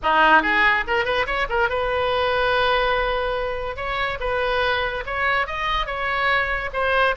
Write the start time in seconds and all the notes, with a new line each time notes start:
0.02 D#4
0.42 G#4
0.87 A#4
1.05 B4
1.26 C#5
1.49 A#4
1.69 B4
3.76 C#5
4.20 B4
5.06 C#5
5.46 D#5
5.86 C#5
6.73 C5